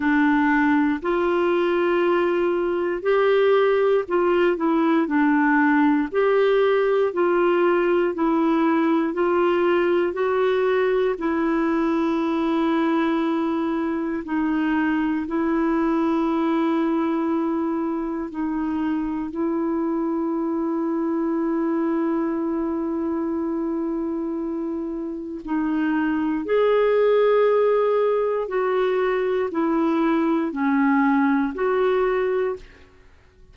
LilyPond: \new Staff \with { instrumentName = "clarinet" } { \time 4/4 \tempo 4 = 59 d'4 f'2 g'4 | f'8 e'8 d'4 g'4 f'4 | e'4 f'4 fis'4 e'4~ | e'2 dis'4 e'4~ |
e'2 dis'4 e'4~ | e'1~ | e'4 dis'4 gis'2 | fis'4 e'4 cis'4 fis'4 | }